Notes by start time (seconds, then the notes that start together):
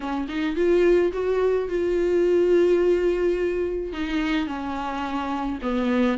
0.00 C#4
0.28 D#4
0.56 F4
1.12 F#4
1.68 F4
3.93 D#4
4.46 C#4
5.62 B3